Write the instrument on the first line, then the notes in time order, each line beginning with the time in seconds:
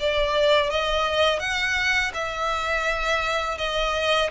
violin
0.00 D5
0.70 D#5
1.40 F#5
2.14 E5
3.58 D#5